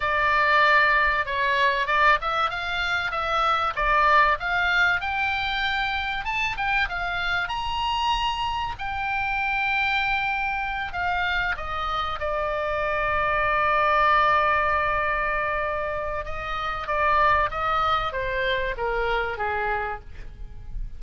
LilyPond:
\new Staff \with { instrumentName = "oboe" } { \time 4/4 \tempo 4 = 96 d''2 cis''4 d''8 e''8 | f''4 e''4 d''4 f''4 | g''2 a''8 g''8 f''4 | ais''2 g''2~ |
g''4. f''4 dis''4 d''8~ | d''1~ | d''2 dis''4 d''4 | dis''4 c''4 ais'4 gis'4 | }